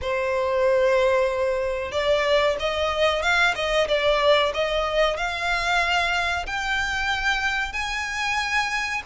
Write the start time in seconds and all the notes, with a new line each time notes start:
0.01 C5
1.91 D5
2.59 D#5
3.22 F5
3.55 D#5
3.87 D5
4.54 D#5
5.16 F5
6.46 G5
7.72 G#5